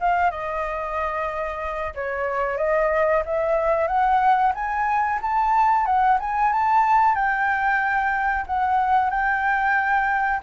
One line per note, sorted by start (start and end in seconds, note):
0.00 0.30 F5
0.30 1.93 D#5
1.94 2.57 C#5
2.57 3.23 D#5
3.25 3.87 E5
3.87 4.52 F#5
4.54 5.19 G#5
5.21 5.85 A5
5.85 6.18 F#5
6.20 6.52 G#5
6.52 7.14 A5
7.14 8.45 G5
8.46 9.10 F#5
9.10 10.40 G5